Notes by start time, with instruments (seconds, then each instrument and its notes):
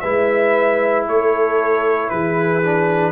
0.00 tuba G#3, trombone E4, horn B4, trumpet E5
1.07 tuba A3, horn A4, trumpet C#5
2.09 tuba E3, horn G#4, trumpet B4
2.63 trombone D4